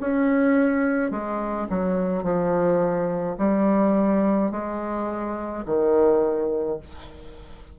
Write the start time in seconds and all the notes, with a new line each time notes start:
0.00 C#4
1.11 G#3
1.69 F#3
2.23 F3
3.38 G3
4.51 G#3
5.65 D#3